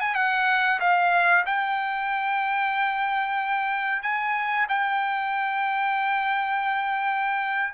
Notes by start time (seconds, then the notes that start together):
0.00 G#5
0.15 F#5
0.80 F5
1.46 G5
4.02 G#5
4.69 G5